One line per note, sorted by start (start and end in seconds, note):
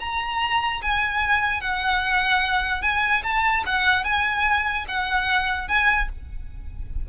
0.00 0.81 A#5
0.82 1.61 G#5
1.61 2.82 F#5
2.82 3.23 G#5
3.23 3.64 A5
3.66 4.04 F#5
4.04 4.85 G#5
4.88 5.68 F#5
5.68 6.09 G#5